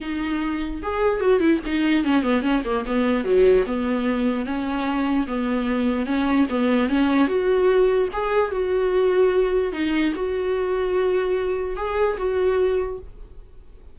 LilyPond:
\new Staff \with { instrumentName = "viola" } { \time 4/4 \tempo 4 = 148 dis'2 gis'4 fis'8 e'8 | dis'4 cis'8 b8 cis'8 ais8 b4 | fis4 b2 cis'4~ | cis'4 b2 cis'4 |
b4 cis'4 fis'2 | gis'4 fis'2. | dis'4 fis'2.~ | fis'4 gis'4 fis'2 | }